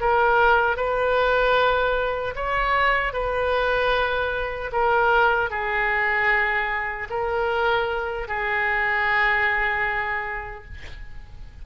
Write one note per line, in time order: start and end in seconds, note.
0.00 0.77 A#4
0.77 2.35 B4
2.35 3.13 C#5
3.13 4.71 B4
4.72 5.50 A#4
5.50 7.08 G#4
7.10 8.28 A#4
8.28 10.64 G#4